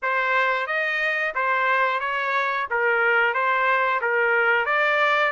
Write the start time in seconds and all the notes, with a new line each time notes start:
0.02 C5
0.66 D#5
1.35 C5
2.00 C#5
2.70 A#4
3.33 C5
4.01 A#4
4.65 D5